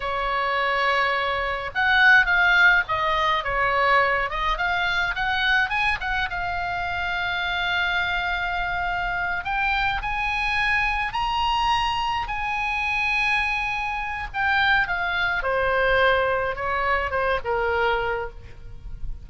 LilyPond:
\new Staff \with { instrumentName = "oboe" } { \time 4/4 \tempo 4 = 105 cis''2. fis''4 | f''4 dis''4 cis''4. dis''8 | f''4 fis''4 gis''8 fis''8 f''4~ | f''1~ |
f''8 g''4 gis''2 ais''8~ | ais''4. gis''2~ gis''8~ | gis''4 g''4 f''4 c''4~ | c''4 cis''4 c''8 ais'4. | }